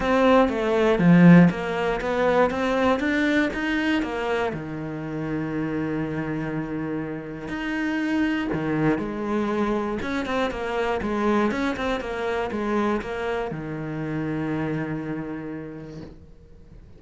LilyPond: \new Staff \with { instrumentName = "cello" } { \time 4/4 \tempo 4 = 120 c'4 a4 f4 ais4 | b4 c'4 d'4 dis'4 | ais4 dis2.~ | dis2. dis'4~ |
dis'4 dis4 gis2 | cis'8 c'8 ais4 gis4 cis'8 c'8 | ais4 gis4 ais4 dis4~ | dis1 | }